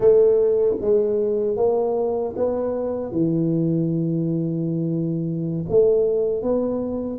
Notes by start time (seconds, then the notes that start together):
0.00 A3
0.80 G#3
1.56 A#3
2.36 B3
3.12 E3
5.69 A3
6.42 B3